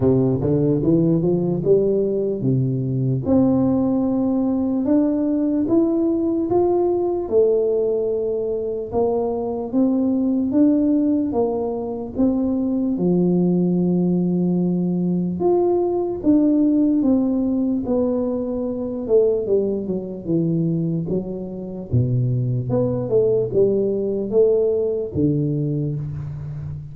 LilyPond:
\new Staff \with { instrumentName = "tuba" } { \time 4/4 \tempo 4 = 74 c8 d8 e8 f8 g4 c4 | c'2 d'4 e'4 | f'4 a2 ais4 | c'4 d'4 ais4 c'4 |
f2. f'4 | d'4 c'4 b4. a8 | g8 fis8 e4 fis4 b,4 | b8 a8 g4 a4 d4 | }